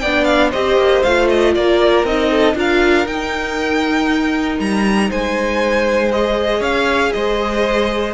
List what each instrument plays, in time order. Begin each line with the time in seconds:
0.00 cello B3, violin D5 G5
0.07 viola D4
0.25 violin F5
0.50 cello C4, viola G4, violin C5 D#5
0.77 cello A#3
1.03 cello A3, viola F4, violin F5
1.29 violin D#5
1.55 cello A#3, violin A#4 D5
2.04 cello C4, viola D#4, violin D#5
2.31 violin A4
2.55 cello D4, viola F4, violin A#4 F5
3.06 cello D#4, viola D#4, violin G5
4.60 cello G3, violin A#5
5.09 cello G#3, violin C5 G#5
6.12 viola G#4, violin D#5
6.60 cello C#4, violin C#5 F5
7.13 cello G#3, violin C5 D#5